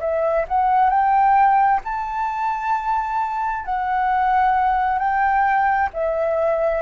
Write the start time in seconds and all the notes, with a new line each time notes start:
0.00 E5
0.48 F#5
0.90 G5
1.84 A5
3.65 F#5
4.98 G5
5.93 E5